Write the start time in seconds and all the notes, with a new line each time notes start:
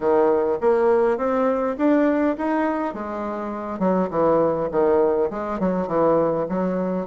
0.00 D#3
0.60 A#3
1.17 C4
1.77 D4
2.37 D#4
2.94 G#3
3.79 F#3
4.10 E3
4.71 D#3
5.30 G#3
5.59 F#3
5.87 E3
6.48 F#3